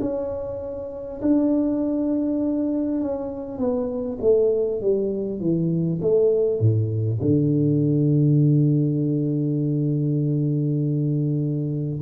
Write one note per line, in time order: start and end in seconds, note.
0.00 1.20 C#4
1.21 3.01 D4
3.01 3.58 C#4
3.58 4.18 B3
4.21 4.81 A3
4.81 5.40 G3
5.40 6.00 E3
6.01 6.59 A3
6.59 7.19 A2
7.21 12.01 D3